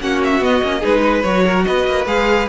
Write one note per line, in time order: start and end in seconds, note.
0.00 0.40 A#3
0.00 0.41 C#4
0.00 0.79 F#4
0.00 0.22 F#5
0.23 0.44 E5
0.40 0.61 B3
0.40 0.62 B3
0.40 0.84 D#5
0.62 0.82 A#3
0.62 0.81 C#4
0.79 1.24 G#3
0.79 1.22 D#4
0.79 1.00 G#4
0.79 1.22 B4
1.02 1.44 B4
1.22 1.65 F#3
1.22 2.06 F#4
1.22 1.64 C#5
1.45 1.65 A#4
1.64 1.86 B3
1.64 2.48 B4
1.64 2.05 D#5
1.86 2.06 A#3
2.06 2.47 G#3
2.06 2.48 G#4
2.06 2.48 F5